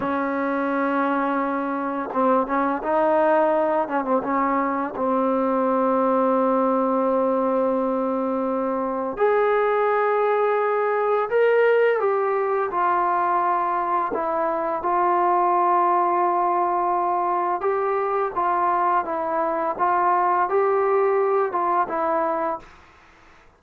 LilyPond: \new Staff \with { instrumentName = "trombone" } { \time 4/4 \tempo 4 = 85 cis'2. c'8 cis'8 | dis'4. cis'16 c'16 cis'4 c'4~ | c'1~ | c'4 gis'2. |
ais'4 g'4 f'2 | e'4 f'2.~ | f'4 g'4 f'4 e'4 | f'4 g'4. f'8 e'4 | }